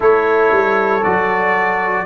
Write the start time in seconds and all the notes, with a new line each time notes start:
0.00 A3 E4 A4 C#5
0.51 G3
1.03 F#3 F#4 D5